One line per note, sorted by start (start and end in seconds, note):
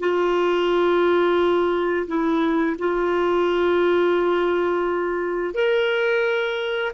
0.00 2.07 F4
2.07 2.76 E4
2.78 5.54 F4
5.54 6.92 A#4